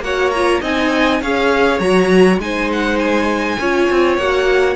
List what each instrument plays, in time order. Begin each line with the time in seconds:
0.00 cello A#3, viola F#4, violin C#5 F#5
0.30 viola F4, violin A#5
0.61 cello C4, viola D#4, violin D#5 G#5
1.21 cello C#4, viola G#4, violin C#5 F5
1.79 cello F#3, viola F#4, violin A#5
2.38 cello G#3, viola D#4, violin C5 G#5
2.72 violin F#5
2.99 violin G#5
3.59 cello C#4, viola F4, violin C#5
3.90 cello C4
4.17 cello A#3, viola F#4, violin F#5